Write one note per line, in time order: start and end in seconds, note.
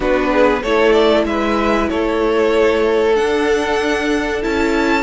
0.00 0.62 B3
0.00 0.61 D4
0.00 0.29 F#4
0.00 0.62 B4
0.32 0.62 G#4
0.62 1.24 A3
0.62 3.15 E4
0.62 1.25 A4
0.62 0.91 C#5
0.91 1.23 D5
1.24 1.88 G#3
1.24 1.89 B4
1.24 1.89 E5
1.89 3.17 A3
1.89 5.02 A4
1.89 3.15 C#5
3.15 4.41 D4
3.15 4.44 D4
3.15 4.42 F#5
4.42 5.02 C#4
4.42 5.02 E4
4.42 5.02 A5